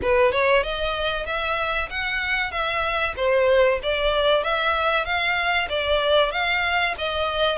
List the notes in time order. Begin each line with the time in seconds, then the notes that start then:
0.01 B4
0.32 C#5
0.63 D#5
1.26 E5
1.89 F#5
2.51 E5
3.16 C5
3.82 D5
4.43 E5
5.05 F5
5.69 D5
6.31 F5
6.98 D#5